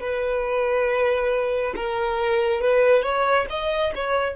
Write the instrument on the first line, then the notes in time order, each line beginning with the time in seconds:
violin
0.00 B4
1.75 A#4
2.61 B4
3.02 C#5
3.49 D#5
3.95 C#5